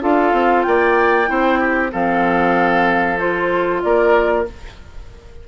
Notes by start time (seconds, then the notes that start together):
0.00 D4 F4 A4 F5
0.32 C4
0.62 A#3 D5 G5
1.26 C4 E4 C5
1.59 G4
1.92 F3 C4 A4 F5
3.19 F4 C5
3.82 A#3 A#4 D5